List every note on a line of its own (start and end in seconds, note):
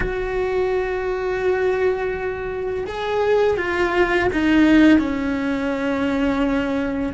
0.00 2.84 F#4
2.86 3.57 G#4
3.57 4.29 F4
4.32 4.98 D#4
4.98 7.13 C#4